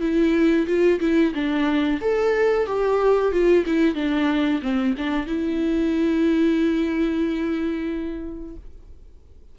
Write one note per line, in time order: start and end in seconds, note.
0.00 0.66 E4
0.67 1.00 F4
1.00 1.33 E4
1.34 2.00 D4
2.01 2.66 A4
2.66 3.32 G4
3.32 3.65 F4
3.66 3.95 E4
3.95 4.61 D4
4.62 4.95 C4
4.98 5.26 D4
5.26 8.56 E4